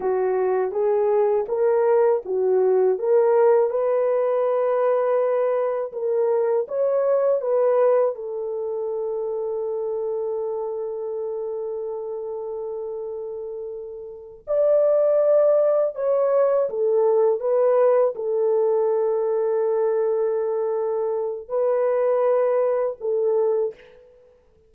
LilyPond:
\new Staff \with { instrumentName = "horn" } { \time 4/4 \tempo 4 = 81 fis'4 gis'4 ais'4 fis'4 | ais'4 b'2. | ais'4 cis''4 b'4 a'4~ | a'1~ |
a'2.~ a'8 d''8~ | d''4. cis''4 a'4 b'8~ | b'8 a'2.~ a'8~ | a'4 b'2 a'4 | }